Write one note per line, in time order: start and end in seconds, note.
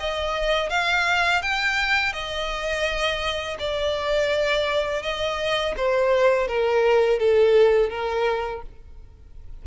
0.00 0.70 D#5
0.70 1.42 F5
1.42 2.13 G5
2.13 3.58 D#5
3.59 5.02 D5
5.02 5.75 D#5
5.77 6.48 C5
6.48 7.19 A#4
7.19 7.90 A4
7.90 8.62 A#4